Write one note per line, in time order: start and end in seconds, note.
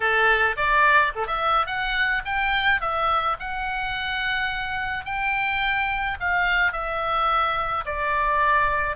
0.00 0.56 A4
0.56 1.12 D5
1.15 1.26 A4
1.26 1.66 E5
1.66 2.22 F#5
2.25 2.80 G5
2.80 3.36 E5
3.39 5.05 F#5
5.05 6.17 G5
6.20 6.72 F5
6.72 7.84 E5
7.85 8.96 D5